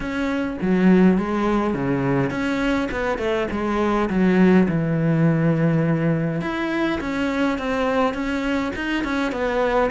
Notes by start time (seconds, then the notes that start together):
0.00 C#4
0.61 F#3
1.18 G#3
1.73 C#3
2.30 C#4
2.91 B3
3.18 A3
3.51 G#3
4.09 F#3
4.68 E3
6.41 E4
7.00 C#4
7.58 C4
8.14 C#4
8.75 D#4
9.03 C#4
9.32 B3